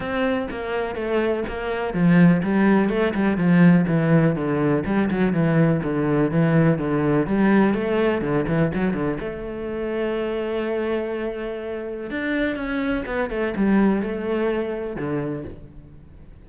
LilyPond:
\new Staff \with { instrumentName = "cello" } { \time 4/4 \tempo 4 = 124 c'4 ais4 a4 ais4 | f4 g4 a8 g8 f4 | e4 d4 g8 fis8 e4 | d4 e4 d4 g4 |
a4 d8 e8 fis8 d8 a4~ | a1~ | a4 d'4 cis'4 b8 a8 | g4 a2 d4 | }